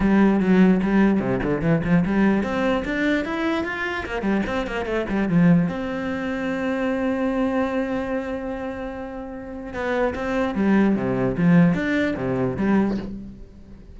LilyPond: \new Staff \with { instrumentName = "cello" } { \time 4/4 \tempo 4 = 148 g4 fis4 g4 c8 d8 | e8 f8 g4 c'4 d'4 | e'4 f'4 ais8 g8 c'8 ais8 | a8 g8 f4 c'2~ |
c'1~ | c'1 | b4 c'4 g4 c4 | f4 d'4 c4 g4 | }